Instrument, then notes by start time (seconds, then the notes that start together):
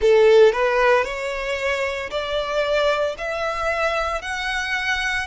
violin
0.00 A4
0.52 B4
1.04 C#5
2.10 D5
3.18 E5
4.21 F#5